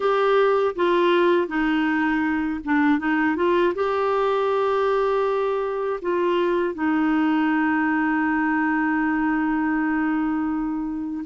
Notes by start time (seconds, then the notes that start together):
0.00 G4
0.75 F4
1.47 D#4
2.64 D4
2.99 D#4
3.36 F4
3.75 G4
6.01 F4
6.74 D#4